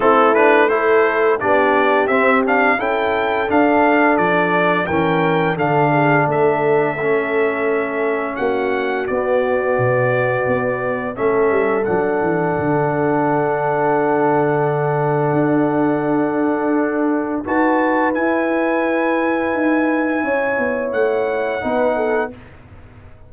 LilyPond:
<<
  \new Staff \with { instrumentName = "trumpet" } { \time 4/4 \tempo 4 = 86 a'8 b'8 c''4 d''4 e''8 f''8 | g''4 f''4 d''4 g''4 | f''4 e''2. | fis''4 d''2. |
e''4 fis''2.~ | fis''1~ | fis''4 a''4 gis''2~ | gis''2 fis''2 | }
  \new Staff \with { instrumentName = "horn" } { \time 4/4 e'4 a'4 g'2 | a'2. ais'4 | a'8 gis'8 a'2. | fis'1 |
a'1~ | a'1~ | a'4 b'2.~ | b'4 cis''2 b'8 a'8 | }
  \new Staff \with { instrumentName = "trombone" } { \time 4/4 c'8 d'8 e'4 d'4 c'8 d'8 | e'4 d'2 cis'4 | d'2 cis'2~ | cis'4 b2. |
cis'4 d'2.~ | d'1~ | d'4 fis'4 e'2~ | e'2. dis'4 | }
  \new Staff \with { instrumentName = "tuba" } { \time 4/4 a2 b4 c'4 | cis'4 d'4 f4 e4 | d4 a2. | ais4 b4 b,4 b4 |
a8 g8 fis8 e8 d2~ | d2 d'2~ | d'4 dis'4 e'2 | dis'4 cis'8 b8 a4 b4 | }
>>